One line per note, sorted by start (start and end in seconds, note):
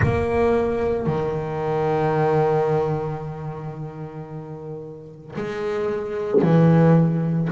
0.02 1.06 A#3
1.06 5.34 D#3
5.36 6.41 G#3
6.41 7.48 E3